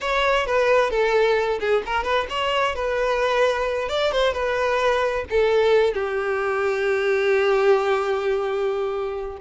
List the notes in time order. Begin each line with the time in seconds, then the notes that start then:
0.00 C#5
0.46 B4
0.90 A4
1.59 G#4
1.86 A#4
2.03 B4
2.29 C#5
2.75 B4
3.88 D5
4.11 C5
4.33 B4
5.30 A4
5.93 G4